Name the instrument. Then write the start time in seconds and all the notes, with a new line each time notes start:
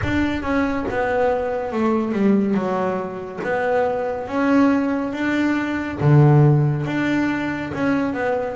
double bass
0.03 D4
0.42 C#4
0.90 B3
1.72 A3
2.12 G3
2.54 F#3
3.43 B3
4.27 C#4
5.12 D4
6.00 D3
6.86 D4
7.73 C#4
8.13 B3